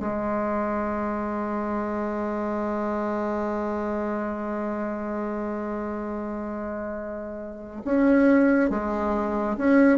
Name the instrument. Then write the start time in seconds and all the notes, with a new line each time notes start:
bassoon
0.00 G#3
7.85 C#4
8.70 G#3
9.58 C#4